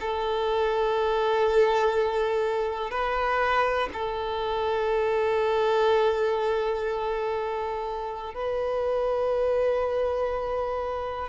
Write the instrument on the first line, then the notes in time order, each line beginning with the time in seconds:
violin
0.00 A4
2.90 B4
3.93 A4
8.34 B4